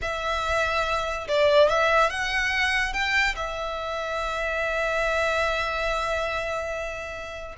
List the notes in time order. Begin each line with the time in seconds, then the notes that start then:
0.01 E5
1.28 D5
1.69 E5
2.09 F#5
2.93 G5
3.35 E5